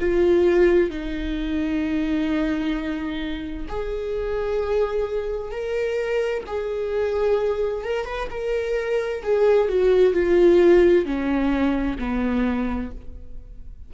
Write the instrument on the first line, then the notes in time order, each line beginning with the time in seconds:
viola
0.00 F4
0.90 D#4
3.69 G#4
5.52 A#4
6.47 G#4
7.84 A#4
8.05 B4
8.31 A#4
9.23 G#4
9.69 F#4
10.14 F4
11.06 C#4
11.99 B3